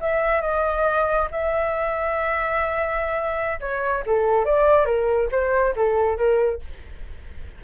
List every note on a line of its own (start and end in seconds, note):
0.00 0.41 E5
0.41 1.28 D#5
1.31 3.59 E5
3.60 4.03 C#5
4.06 4.45 A4
4.45 4.85 D5
4.85 5.29 A#4
5.31 5.75 C5
5.75 6.17 A4
6.17 6.61 A#4